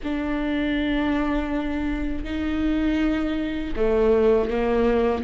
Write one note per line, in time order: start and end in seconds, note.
0.03 2.24 D4
2.24 3.74 D#4
3.75 4.50 A3
4.50 5.23 A#3